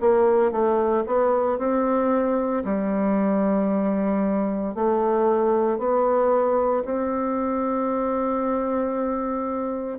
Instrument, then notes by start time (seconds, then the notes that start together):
bassoon
0.00 A#3
0.51 A3
1.06 B3
1.58 C4
2.64 G3
4.75 A3
5.78 B3
6.84 C4